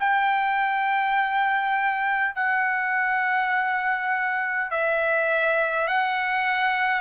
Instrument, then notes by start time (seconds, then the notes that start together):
trumpet
0.00 G5
2.35 F#5
4.71 E5
5.88 F#5